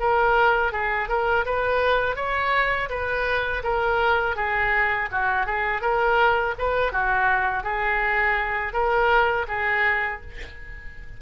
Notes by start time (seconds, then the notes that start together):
0.00 A#4
0.72 G#4
1.09 A#4
1.46 B4
2.16 C#5
2.89 B4
3.64 A#4
4.36 G#4
5.12 F#4
5.46 G#4
5.82 A#4
6.59 B4
6.92 F#4
7.64 G#4
8.73 A#4
9.48 G#4